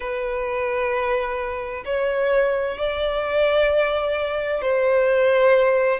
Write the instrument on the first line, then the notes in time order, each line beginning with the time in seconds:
violin
0.00 B4
1.85 C#5
2.77 D5
4.62 C5